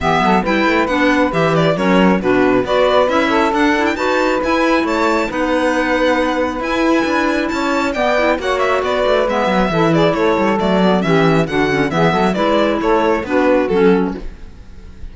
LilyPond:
<<
  \new Staff \with { instrumentName = "violin" } { \time 4/4 \tempo 4 = 136 e''4 g''4 fis''4 e''8 d''8 | cis''4 b'4 d''4 e''4 | fis''8. g''16 a''4 gis''4 a''4 | fis''2. gis''4~ |
gis''4 a''4 g''4 fis''8 e''8 | d''4 e''4. d''8 cis''4 | d''4 e''4 fis''4 e''4 | d''4 cis''4 b'4 a'4 | }
  \new Staff \with { instrumentName = "saxophone" } { \time 4/4 g'8 a'8 b'2. | ais'4 fis'4 b'4. a'8~ | a'4 b'2 cis''4 | b'1~ |
b'4 cis''4 d''4 cis''4 | b'2 a'8 gis'8 a'4~ | a'4 g'4 fis'4 gis'8 a'8 | b'4 a'4 fis'2 | }
  \new Staff \with { instrumentName = "clarinet" } { \time 4/4 b4 e'4 d'4 g'4 | cis'4 d'4 fis'4 e'4 | d'8 e'8 fis'4 e'2 | dis'2. e'4~ |
e'2 b8 e'8 fis'4~ | fis'4 b4 e'2 | a8 b8 cis'4 d'8 cis'8 b4 | e'2 d'4 cis'4 | }
  \new Staff \with { instrumentName = "cello" } { \time 4/4 e8 fis8 g8 a8 b4 e4 | fis4 b,4 b4 cis'4 | d'4 dis'4 e'4 a4 | b2. e'4 |
d'4 cis'4 b4 ais4 | b8 a8 gis8 fis8 e4 a8 g8 | fis4 e4 d4 e8 fis8 | gis4 a4 b4 fis4 | }
>>